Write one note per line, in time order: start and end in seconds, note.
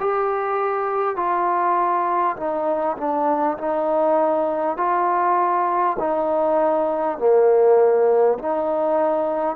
0.00 1.16 G4
1.16 2.36 F4
2.37 2.97 D#4
2.97 3.57 D4
3.58 4.77 D#4
4.77 5.97 F4
5.99 7.18 D#4
7.18 8.38 A#3
8.38 9.56 D#4